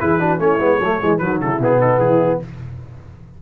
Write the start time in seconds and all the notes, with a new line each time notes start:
0.00 E3 E4 G#4 B4
0.20 D4 F#4
0.39 A3 C#4 E4 C#5
0.59 G#3 B3
0.80 F#3 A3 A4
1.00 E3 G#3 G#4
1.19 D#3 F#3 F#4 B4
1.41 C#3 E4 A4
1.60 B2 B3 G#4
1.80 D#4 A4
1.99 E3 E4 G#4